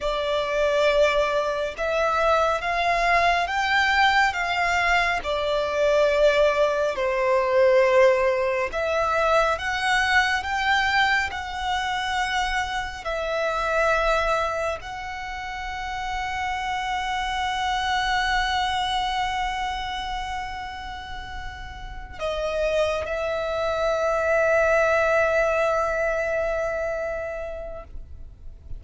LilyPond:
\new Staff \with { instrumentName = "violin" } { \time 4/4 \tempo 4 = 69 d''2 e''4 f''4 | g''4 f''4 d''2 | c''2 e''4 fis''4 | g''4 fis''2 e''4~ |
e''4 fis''2.~ | fis''1~ | fis''4. dis''4 e''4.~ | e''1 | }